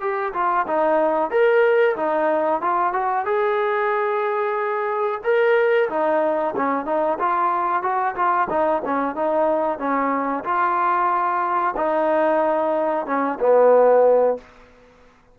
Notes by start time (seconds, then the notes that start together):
0.00 G4
0.33 F4
0.67 D#4
1.30 A#4
1.96 D#4
2.61 F4
2.93 F#4
3.25 G#4
5.24 A#4
5.89 D#4
6.56 C#4
6.85 D#4
7.19 F4
7.82 F#4
8.15 F4
8.50 D#4
8.85 C#4
9.15 D#4
9.79 C#4
10.44 F4
11.76 D#4
13.06 C#4
13.40 B3